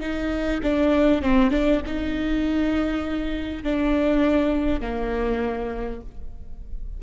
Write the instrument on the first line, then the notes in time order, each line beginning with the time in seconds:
viola
0.00 D#4
0.63 D4
1.22 C4
1.51 D4
1.85 D#4
3.63 D4
4.81 A#3